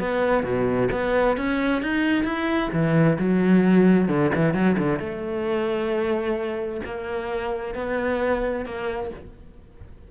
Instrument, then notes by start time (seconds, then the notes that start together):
cello
0.00 B3
0.44 B2
0.92 B3
1.38 C#4
1.82 D#4
2.25 E4
2.73 E3
3.19 F#3
4.09 D3
4.35 E3
4.54 F#3
4.79 D3
5.00 A3
6.85 A#3
7.75 B3
8.66 A#3